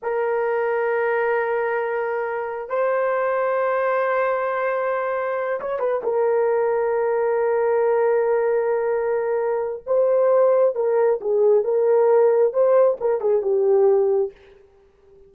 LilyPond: \new Staff \with { instrumentName = "horn" } { \time 4/4 \tempo 4 = 134 ais'1~ | ais'2 c''2~ | c''1~ | c''8 cis''8 b'8 ais'2~ ais'8~ |
ais'1~ | ais'2 c''2 | ais'4 gis'4 ais'2 | c''4 ais'8 gis'8 g'2 | }